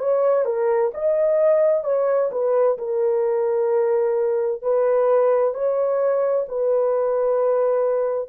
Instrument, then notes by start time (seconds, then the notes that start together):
horn
0.00 C#5
0.45 A#4
0.94 D#5
1.84 C#5
2.32 B4
2.79 A#4
4.62 B4
5.54 C#5
6.49 B4